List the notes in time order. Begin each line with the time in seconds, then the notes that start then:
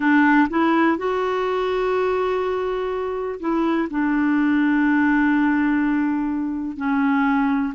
0.00 D4
0.49 E4
0.97 F#4
3.40 E4
3.90 D4
6.77 C#4